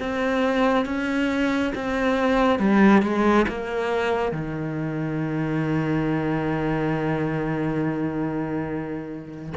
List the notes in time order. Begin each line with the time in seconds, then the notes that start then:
0.00 C4
0.86 C#4
1.75 C4
2.59 G3
3.03 G#3
3.49 A#3
4.32 D#3